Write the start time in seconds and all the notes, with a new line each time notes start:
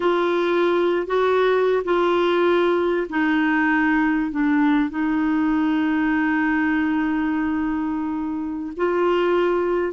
0.00 F4
1.06 F#4
1.84 F4
3.09 D#4
4.31 D4
4.90 D#4
8.76 F4